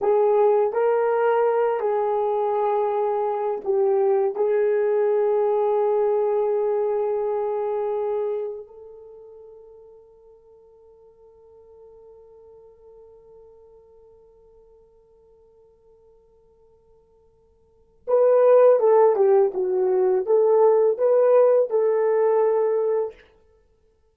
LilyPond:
\new Staff \with { instrumentName = "horn" } { \time 4/4 \tempo 4 = 83 gis'4 ais'4. gis'4.~ | gis'4 g'4 gis'2~ | gis'1 | a'1~ |
a'1~ | a'1~ | a'4 b'4 a'8 g'8 fis'4 | a'4 b'4 a'2 | }